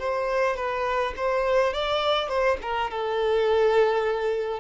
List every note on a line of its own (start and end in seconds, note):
0.00 0.56 C5
0.56 1.14 B4
1.17 1.74 C5
1.74 2.29 D5
2.29 2.58 C5
2.62 2.91 A#4
2.91 4.60 A4